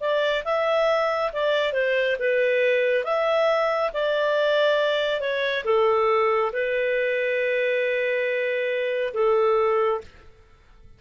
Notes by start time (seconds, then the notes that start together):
0.00 D5
0.44 E5
1.32 D5
1.73 C5
2.19 B4
3.04 E5
3.93 D5
5.20 C#5
5.64 A4
6.52 B4
9.13 A4